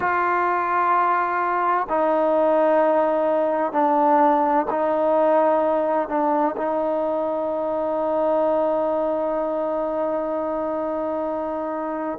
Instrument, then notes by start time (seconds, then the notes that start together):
trombone
0.00 F4
1.89 D#4
3.72 D4
4.70 D#4
6.08 D4
6.56 D#4